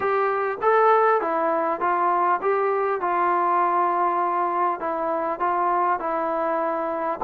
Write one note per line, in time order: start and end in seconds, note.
0.00 0.58 G4
0.61 1.21 A4
1.21 1.80 E4
1.80 2.40 F4
2.41 3.01 G4
3.01 4.80 F4
4.80 5.39 E4
5.39 5.99 F4
5.99 7.19 E4